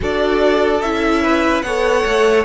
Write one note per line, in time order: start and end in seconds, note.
0.00 0.82 D4
0.00 0.80 F#4
0.00 1.22 A4
0.00 0.81 D5
0.81 1.62 C#4
0.81 1.65 E4
0.81 1.61 E5
1.22 1.64 B4
1.61 2.04 B3
1.61 2.45 A4
1.61 2.45 C#5
1.61 2.44 F#5
2.05 2.45 A3